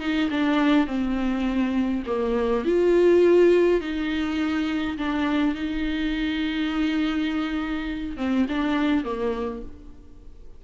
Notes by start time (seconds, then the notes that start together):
0.00 D#4
0.30 D4
0.87 C4
2.07 A#3
2.65 F4
3.81 D#4
4.98 D4
5.55 D#4
8.17 C4
8.49 D4
9.04 A#3